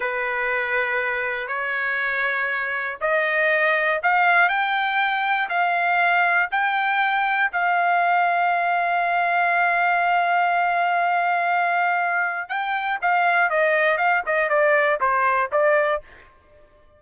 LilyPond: \new Staff \with { instrumentName = "trumpet" } { \time 4/4 \tempo 4 = 120 b'2. cis''4~ | cis''2 dis''2 | f''4 g''2 f''4~ | f''4 g''2 f''4~ |
f''1~ | f''1~ | f''4 g''4 f''4 dis''4 | f''8 dis''8 d''4 c''4 d''4 | }